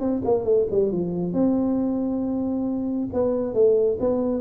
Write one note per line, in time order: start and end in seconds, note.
0.00 0.22 C4
0.25 0.45 A#3
0.45 0.66 A3
0.71 0.92 G3
0.92 1.33 F3
1.33 3.09 C4
3.13 3.54 B3
3.54 3.98 A3
4.00 4.41 B3